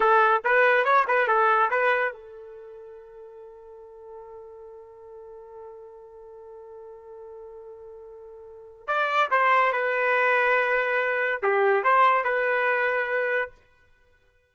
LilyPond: \new Staff \with { instrumentName = "trumpet" } { \time 4/4 \tempo 4 = 142 a'4 b'4 cis''8 b'8 a'4 | b'4 a'2.~ | a'1~ | a'1~ |
a'1~ | a'4 d''4 c''4 b'4~ | b'2. g'4 | c''4 b'2. | }